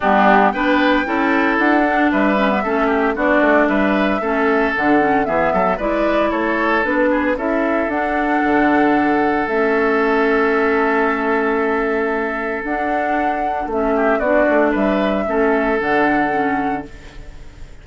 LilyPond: <<
  \new Staff \with { instrumentName = "flute" } { \time 4/4 \tempo 4 = 114 g'4 g''2 fis''4 | e''2 d''4 e''4~ | e''4 fis''4 e''4 d''4 | cis''4 b'4 e''4 fis''4~ |
fis''2 e''2~ | e''1 | fis''2 e''4 d''4 | e''2 fis''2 | }
  \new Staff \with { instrumentName = "oboe" } { \time 4/4 d'4 b'4 a'2 | b'4 a'8 g'8 fis'4 b'4 | a'2 gis'8 a'8 b'4 | a'4. gis'8 a'2~ |
a'1~ | a'1~ | a'2~ a'8 g'8 fis'4 | b'4 a'2. | }
  \new Staff \with { instrumentName = "clarinet" } { \time 4/4 b4 d'4 e'4. d'8~ | d'8 cis'16 b16 cis'4 d'2 | cis'4 d'8 cis'8 b4 e'4~ | e'4 d'4 e'4 d'4~ |
d'2 cis'2~ | cis'1 | d'2 cis'4 d'4~ | d'4 cis'4 d'4 cis'4 | }
  \new Staff \with { instrumentName = "bassoon" } { \time 4/4 g4 b4 cis'4 d'4 | g4 a4 b8 a8 g4 | a4 d4 e8 fis8 gis4 | a4 b4 cis'4 d'4 |
d2 a2~ | a1 | d'2 a4 b8 a8 | g4 a4 d2 | }
>>